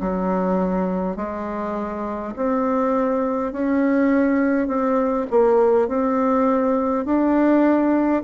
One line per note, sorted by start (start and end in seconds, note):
0.00 1.16 F#3
1.16 2.34 G#3
2.35 3.52 C4
3.52 4.67 C#4
4.67 5.26 C4
5.30 5.87 A#3
5.87 7.05 C4
7.05 8.22 D4